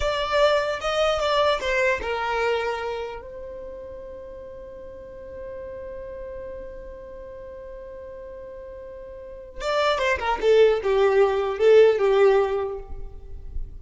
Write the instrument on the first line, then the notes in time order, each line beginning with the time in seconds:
violin
0.00 D5
0.81 D#5
1.20 D5
1.60 C5
2.02 A#4
3.21 C5
9.61 D5
9.98 C5
10.19 A#4
10.41 A4
10.83 G4
11.58 A4
11.98 G4